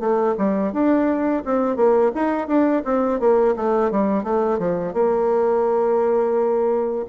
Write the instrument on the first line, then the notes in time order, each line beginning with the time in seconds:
bassoon
0.00 A3
0.38 G3
0.73 D4
1.45 C4
1.76 A#3
2.15 D#4
2.48 D4
2.85 C4
3.20 A#3
3.56 A3
3.91 G3
4.24 A3
4.59 F3
4.94 A#3